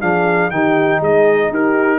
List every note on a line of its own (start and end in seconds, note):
0.00 0.50 F3
0.00 0.51 D4
0.00 0.50 G#4
0.00 0.50 F5
0.50 1.00 D#3
0.50 1.98 D#4
0.50 1.00 G4
0.50 1.01 G5
1.00 1.49 G#3
1.00 1.50 G#4
1.00 1.53 D#5
1.49 1.98 D#4
1.49 1.98 G4
1.49 1.98 A#4